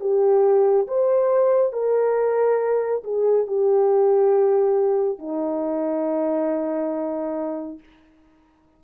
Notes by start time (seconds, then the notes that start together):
0.00 G4
0.87 C5
1.72 A#4
3.04 G#4
3.47 G4
5.18 D#4